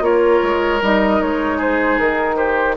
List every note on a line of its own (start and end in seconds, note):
0.00 0.39 A#3
0.00 0.79 F4
0.00 1.57 A#4
0.00 0.81 C#5
0.42 0.81 G#3
0.81 1.20 G3
0.81 2.76 D#4
0.81 1.21 D#5
1.21 1.99 G#3
1.21 1.60 C#5
1.57 2.35 G#4
1.57 1.98 C5
1.98 2.76 D#3
1.98 2.36 A#4
2.36 2.75 G4
2.36 2.75 C5